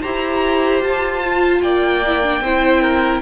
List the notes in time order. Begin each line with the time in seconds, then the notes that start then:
0.00 E4 G4 C5 A#5
0.81 F4 A5
1.23 F4
1.62 A#3 D5 G5
2.06 E4
2.23 D4
2.41 C4 E4 C5
2.82 A#4